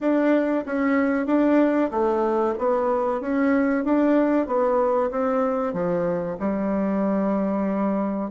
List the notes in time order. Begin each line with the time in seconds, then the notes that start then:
0.00 D4
0.65 C#4
1.26 D4
1.90 A3
2.58 B3
3.20 C#4
3.84 D4
4.46 B3
5.11 C4
5.73 F3
6.39 G3